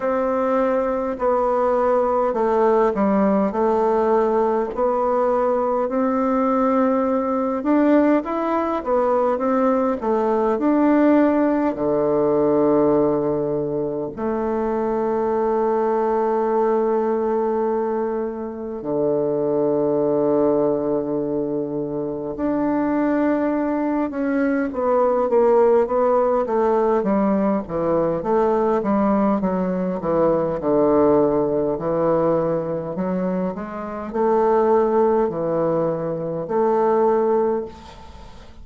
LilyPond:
\new Staff \with { instrumentName = "bassoon" } { \time 4/4 \tempo 4 = 51 c'4 b4 a8 g8 a4 | b4 c'4. d'8 e'8 b8 | c'8 a8 d'4 d2 | a1 |
d2. d'4~ | d'8 cis'8 b8 ais8 b8 a8 g8 e8 | a8 g8 fis8 e8 d4 e4 | fis8 gis8 a4 e4 a4 | }